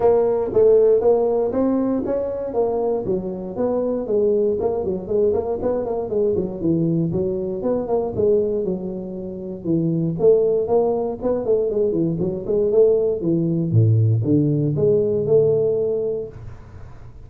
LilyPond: \new Staff \with { instrumentName = "tuba" } { \time 4/4 \tempo 4 = 118 ais4 a4 ais4 c'4 | cis'4 ais4 fis4 b4 | gis4 ais8 fis8 gis8 ais8 b8 ais8 | gis8 fis8 e4 fis4 b8 ais8 |
gis4 fis2 e4 | a4 ais4 b8 a8 gis8 e8 | fis8 gis8 a4 e4 a,4 | d4 gis4 a2 | }